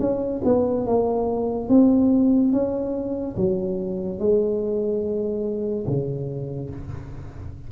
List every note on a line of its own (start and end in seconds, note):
0.00 0.42 C#4
0.45 0.86 B3
0.86 1.69 A#3
1.69 2.53 C4
2.53 3.36 C#4
3.37 4.19 F#3
4.19 5.86 G#3
5.87 6.70 C#3